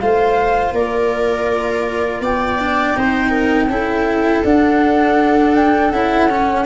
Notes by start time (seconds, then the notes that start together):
0.00 A3 F4 C5 F5
0.73 A#3 A#4 D5
2.21 B3 D5 G5
2.59 D4
2.95 C4 D#4 C5
3.30 A#4
3.68 C#4 E4 A4
4.45 D4 F#5
5.56 G5
5.91 C#4 E4 F#5
6.30 C#4